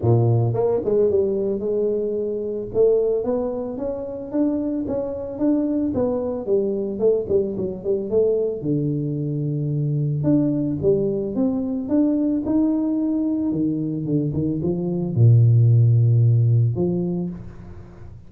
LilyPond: \new Staff \with { instrumentName = "tuba" } { \time 4/4 \tempo 4 = 111 ais,4 ais8 gis8 g4 gis4~ | gis4 a4 b4 cis'4 | d'4 cis'4 d'4 b4 | g4 a8 g8 fis8 g8 a4 |
d2. d'4 | g4 c'4 d'4 dis'4~ | dis'4 dis4 d8 dis8 f4 | ais,2. f4 | }